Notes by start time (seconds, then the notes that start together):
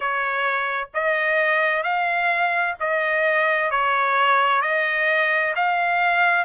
0.00 C#5
0.94 D#5
1.83 F5
2.79 D#5
3.70 C#5
4.62 D#5
5.56 F5